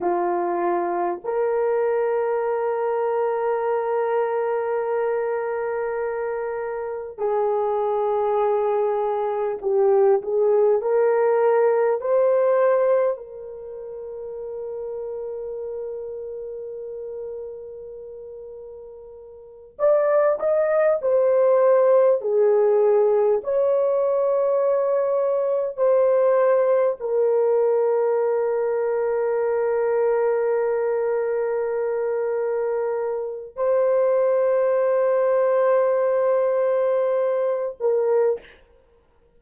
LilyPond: \new Staff \with { instrumentName = "horn" } { \time 4/4 \tempo 4 = 50 f'4 ais'2.~ | ais'2 gis'2 | g'8 gis'8 ais'4 c''4 ais'4~ | ais'1~ |
ais'8 d''8 dis''8 c''4 gis'4 cis''8~ | cis''4. c''4 ais'4.~ | ais'1 | c''2.~ c''8 ais'8 | }